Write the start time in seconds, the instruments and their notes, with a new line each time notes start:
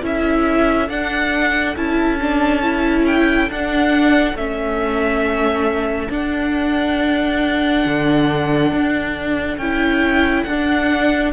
0.00 cello C#4, viola E4, violin A4 E5
0.88 cello D4, viola D4, violin F#5
1.76 cello C#4, viola E4, violin A5
2.21 viola D4
2.62 viola E4
3.06 violin G5
3.49 viola D4, cello D4, violin F#5
4.34 cello A3, viola C#4, violin E5
6.09 viola D4, cello D4, violin F#5
7.85 cello D3
8.72 cello D4
9.57 cello C#4, viola E4, violin G5
10.43 cello D4, viola D4, violin F#5